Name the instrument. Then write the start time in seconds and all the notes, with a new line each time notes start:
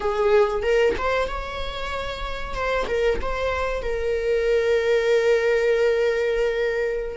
viola
0.00 G#4
0.62 A#4
0.97 C5
1.27 C#5
2.54 C5
2.87 A#4
3.21 C5
3.82 A#4